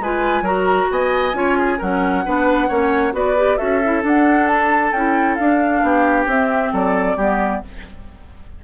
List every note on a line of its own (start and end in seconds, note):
0.00 0.42 G#3
0.00 0.44 F4
0.00 0.44 B4
0.00 0.46 G#5
0.42 0.87 F#3
0.42 1.34 F#4
0.42 0.88 A#4
0.42 0.91 A#5
0.91 1.34 B3
0.91 1.37 D#5
0.91 1.81 G#5
1.34 1.79 C#4
1.34 1.78 F4
1.34 1.58 C#5
1.58 1.79 G#4
1.79 2.27 F#3
1.79 2.25 C#4
1.79 2.24 A#4
1.79 3.15 F#5
2.25 2.70 B3
2.25 2.69 D4
2.25 2.69 B4
2.69 3.13 A#3
2.69 3.13 C#4
2.69 3.14 C#5
3.13 3.58 B3
3.13 3.36 F#4
3.13 3.58 B4
3.13 3.58 D5
3.38 3.58 G4
3.58 4.04 C#4
3.58 3.81 F#4
3.58 5.82 A4
3.58 4.03 E5
3.85 4.02 E4
4.02 4.92 D4
4.02 4.93 D4
4.02 4.48 F#5
4.48 4.93 A5
4.93 5.37 C#4
4.93 5.40 E4
4.93 5.35 G5
5.35 5.83 D4
5.35 6.29 D4
5.35 6.25 F5
5.83 6.26 B3
5.83 6.73 G4
6.26 6.71 C4
6.26 7.19 C4
6.26 6.75 E5
6.73 7.16 F#3
6.73 7.17 A4
6.73 7.64 D5
7.16 7.61 G3
7.16 7.63 B3
7.16 7.62 G4